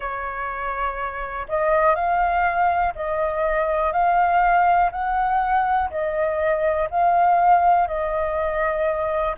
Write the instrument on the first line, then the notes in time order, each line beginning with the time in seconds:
flute
0.00 C#5
1.48 D#5
1.94 F5
2.95 D#5
3.92 F5
4.91 F#5
5.90 D#5
6.90 F5
7.87 D#5